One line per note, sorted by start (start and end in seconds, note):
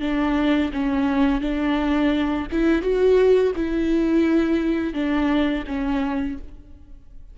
0.00 0.71 D4
0.73 1.41 C#4
1.41 2.46 D4
2.51 2.82 E4
2.82 3.52 F#4
3.55 4.93 E4
4.93 5.64 D4
5.67 6.38 C#4